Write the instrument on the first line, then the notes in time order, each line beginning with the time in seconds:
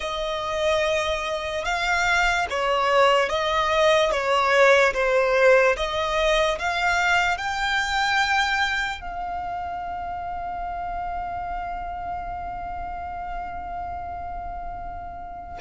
violin
0.00 D#5
1.64 F5
2.50 C#5
3.29 D#5
4.11 C#5
4.93 C5
5.76 D#5
6.58 F5
7.37 G5
9.00 F5